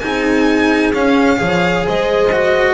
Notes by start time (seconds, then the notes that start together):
0.00 C4 D#4 G#4 G#5
0.93 C#4 F5
1.37 F3 G#4 C#5
1.87 G#3 C5 D#5
2.32 F#4